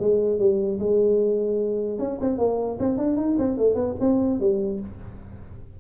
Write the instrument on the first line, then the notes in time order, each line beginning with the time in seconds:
tuba
0.00 G#3
0.39 G3
0.79 G#3
1.99 C#4
2.21 C4
2.38 A#3
2.80 C4
2.98 D4
3.17 D#4
3.39 C4
3.58 A3
3.75 B3
4.01 C4
4.40 G3